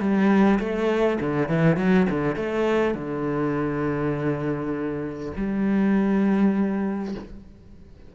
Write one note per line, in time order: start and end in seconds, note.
0.00 0.59 G3
0.60 1.19 A3
1.20 1.49 D3
1.49 1.77 E3
1.77 2.07 F#3
2.10 2.36 D3
2.36 2.95 A3
2.95 5.32 D3
5.37 7.15 G3